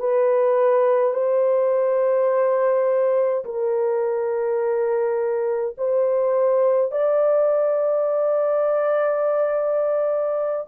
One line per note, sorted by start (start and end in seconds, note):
0.00 1.14 B4
1.14 3.45 C5
3.45 5.76 A#4
5.78 6.92 C5
6.92 10.67 D5